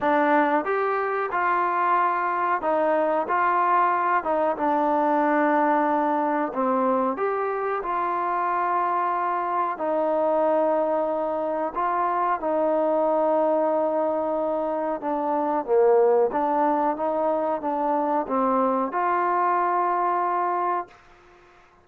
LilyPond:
\new Staff \with { instrumentName = "trombone" } { \time 4/4 \tempo 4 = 92 d'4 g'4 f'2 | dis'4 f'4. dis'8 d'4~ | d'2 c'4 g'4 | f'2. dis'4~ |
dis'2 f'4 dis'4~ | dis'2. d'4 | ais4 d'4 dis'4 d'4 | c'4 f'2. | }